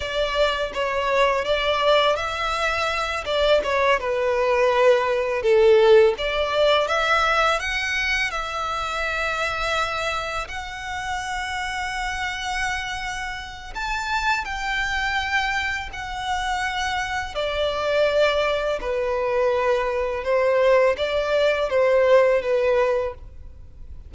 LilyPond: \new Staff \with { instrumentName = "violin" } { \time 4/4 \tempo 4 = 83 d''4 cis''4 d''4 e''4~ | e''8 d''8 cis''8 b'2 a'8~ | a'8 d''4 e''4 fis''4 e''8~ | e''2~ e''8 fis''4.~ |
fis''2. a''4 | g''2 fis''2 | d''2 b'2 | c''4 d''4 c''4 b'4 | }